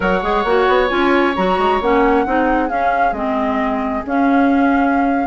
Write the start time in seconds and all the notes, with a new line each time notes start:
0.00 F#3 A#4 C#5 F#5
0.22 G#3 G#4
0.44 A#3 F#4
0.67 B3
0.88 C#4 F4 G#5
1.36 F#3 F#4 A#5
1.58 G#3
1.80 A#3 C#4 F#5
2.25 C4 D#4 G#4
2.68 C#4 F5
3.12 G#3 C4 D#5
4.06 C#4 F5